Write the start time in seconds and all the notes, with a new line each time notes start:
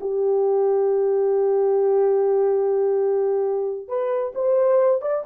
0.00 G4
3.88 B4
4.35 C5
5.01 D5